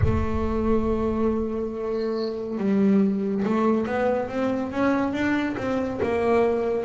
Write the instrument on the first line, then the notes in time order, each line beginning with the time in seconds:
double bass
0.04 A3
2.57 G3
3.44 A3
3.86 B3
4.29 C4
4.71 C#4
5.12 D4
5.57 C4
6.02 A#3